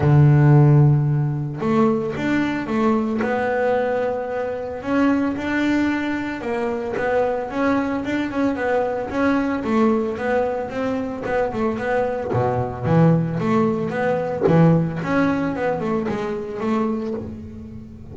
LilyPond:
\new Staff \with { instrumentName = "double bass" } { \time 4/4 \tempo 4 = 112 d2. a4 | d'4 a4 b2~ | b4 cis'4 d'2 | ais4 b4 cis'4 d'8 cis'8 |
b4 cis'4 a4 b4 | c'4 b8 a8 b4 b,4 | e4 a4 b4 e4 | cis'4 b8 a8 gis4 a4 | }